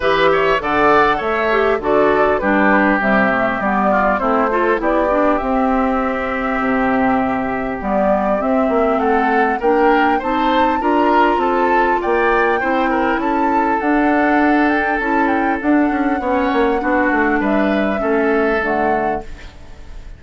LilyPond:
<<
  \new Staff \with { instrumentName = "flute" } { \time 4/4 \tempo 4 = 100 e''4 fis''4 e''4 d''4 | b'4 e''4 d''4 c''4 | d''4 e''2.~ | e''4 d''4 e''4 fis''4 |
g''4 a''4 ais''4 a''4 | g''2 a''4 fis''4~ | fis''8 g''8 a''8 g''8 fis''2~ | fis''4 e''2 fis''4 | }
  \new Staff \with { instrumentName = "oboe" } { \time 4/4 b'8 cis''8 d''4 cis''4 a'4 | g'2~ g'8 f'8 e'8 a'8 | g'1~ | g'2. a'4 |
ais'4 c''4 ais'4 a'4 | d''4 c''8 ais'8 a'2~ | a'2. cis''4 | fis'4 b'4 a'2 | }
  \new Staff \with { instrumentName = "clarinet" } { \time 4/4 g'4 a'4. g'8 fis'4 | d'4 g8 a8 b4 c'8 f'8 | e'8 d'8 c'2.~ | c'4 b4 c'2 |
d'4 dis'4 f'2~ | f'4 e'2 d'4~ | d'4 e'4 d'4 cis'4 | d'2 cis'4 a4 | }
  \new Staff \with { instrumentName = "bassoon" } { \time 4/4 e4 d4 a4 d4 | g4 c4 g4 a4 | b4 c'2 c4~ | c4 g4 c'8 ais8 a4 |
ais4 c'4 d'4 c'4 | ais4 c'4 cis'4 d'4~ | d'4 cis'4 d'8 cis'8 b8 ais8 | b8 a8 g4 a4 d4 | }
>>